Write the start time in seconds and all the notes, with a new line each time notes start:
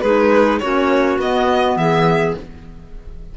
0.00 G#3 D#4 G#4 B4
0.59 A#3 C#4 F#4 C#5
1.18 B3 D#5
1.75 E3 G#4 E5